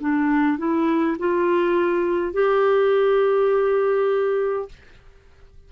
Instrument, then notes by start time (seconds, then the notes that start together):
clarinet
0.00 D4
0.58 E4
1.19 F4
2.33 G4